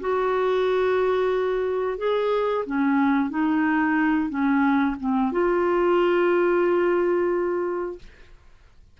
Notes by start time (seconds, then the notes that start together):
0.00 F#4
1.98 G#4
2.65 C#4
3.29 D#4
4.29 C#4
5.00 C4
5.32 F4